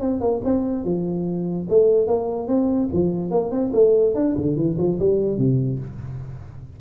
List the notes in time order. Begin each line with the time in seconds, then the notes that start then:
0.00 C4
0.20 A#3
0.44 C4
0.84 F3
1.69 A3
2.07 A#3
2.48 C4
2.92 F3
3.30 A#3
3.51 C4
3.73 A3
4.14 D4
4.37 D3
4.56 E3
4.78 F3
4.99 G3
5.37 C3